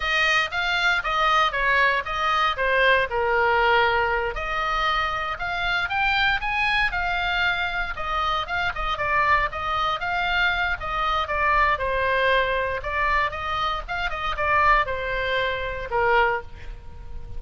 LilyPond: \new Staff \with { instrumentName = "oboe" } { \time 4/4 \tempo 4 = 117 dis''4 f''4 dis''4 cis''4 | dis''4 c''4 ais'2~ | ais'8 dis''2 f''4 g''8~ | g''8 gis''4 f''2 dis''8~ |
dis''8 f''8 dis''8 d''4 dis''4 f''8~ | f''4 dis''4 d''4 c''4~ | c''4 d''4 dis''4 f''8 dis''8 | d''4 c''2 ais'4 | }